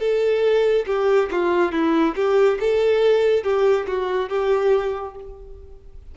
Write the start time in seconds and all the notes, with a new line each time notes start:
0.00 A4
0.86 G4
1.31 F4
1.72 E4
2.15 G4
2.60 A4
3.43 G4
3.87 F#4
4.29 G4